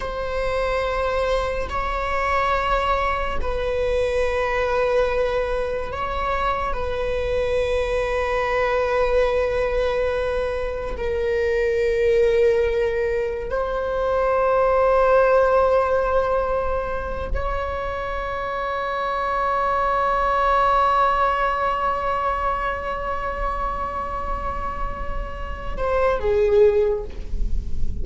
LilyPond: \new Staff \with { instrumentName = "viola" } { \time 4/4 \tempo 4 = 71 c''2 cis''2 | b'2. cis''4 | b'1~ | b'4 ais'2. |
c''1~ | c''8 cis''2.~ cis''8~ | cis''1~ | cis''2~ cis''8 c''8 gis'4 | }